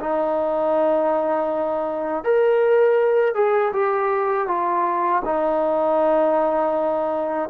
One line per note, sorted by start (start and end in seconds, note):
0.00 2.24 D#4
2.24 3.35 A#4
3.35 3.72 G#4
3.73 4.48 G4
4.48 5.23 F4
5.25 7.50 D#4